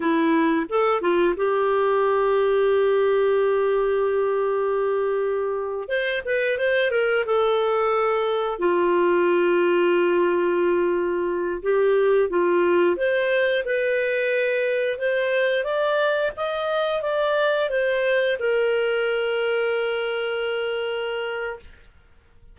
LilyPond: \new Staff \with { instrumentName = "clarinet" } { \time 4/4 \tempo 4 = 89 e'4 a'8 f'8 g'2~ | g'1~ | g'8. c''8 b'8 c''8 ais'8 a'4~ a'16~ | a'8. f'2.~ f'16~ |
f'4~ f'16 g'4 f'4 c''8.~ | c''16 b'2 c''4 d''8.~ | d''16 dis''4 d''4 c''4 ais'8.~ | ais'1 | }